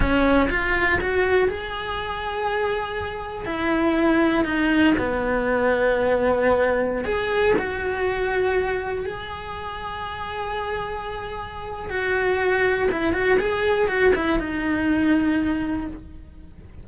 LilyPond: \new Staff \with { instrumentName = "cello" } { \time 4/4 \tempo 4 = 121 cis'4 f'4 fis'4 gis'4~ | gis'2. e'4~ | e'4 dis'4 b2~ | b2~ b16 gis'4 fis'8.~ |
fis'2~ fis'16 gis'4.~ gis'16~ | gis'1 | fis'2 e'8 fis'8 gis'4 | fis'8 e'8 dis'2. | }